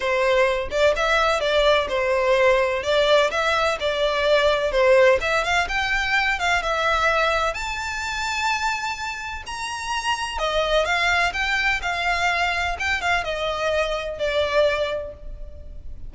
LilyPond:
\new Staff \with { instrumentName = "violin" } { \time 4/4 \tempo 4 = 127 c''4. d''8 e''4 d''4 | c''2 d''4 e''4 | d''2 c''4 e''8 f''8 | g''4. f''8 e''2 |
a''1 | ais''2 dis''4 f''4 | g''4 f''2 g''8 f''8 | dis''2 d''2 | }